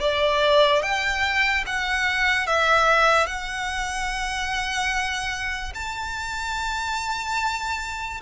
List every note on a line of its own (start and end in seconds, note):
0.00 0.82 D5
0.82 1.64 G5
1.67 2.47 F#5
2.47 3.27 E5
3.27 5.73 F#5
5.74 8.21 A5